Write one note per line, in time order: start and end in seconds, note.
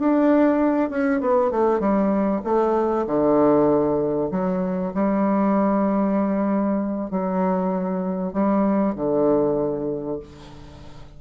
0.00 0.90 D4
0.90 1.21 C#4
1.21 1.52 B3
1.52 1.80 A3
1.80 2.42 G3
2.45 3.06 A3
3.07 4.31 D3
4.32 4.93 F#3
4.95 7.11 G3
7.11 8.33 F#3
8.33 8.95 G3
8.96 10.20 D3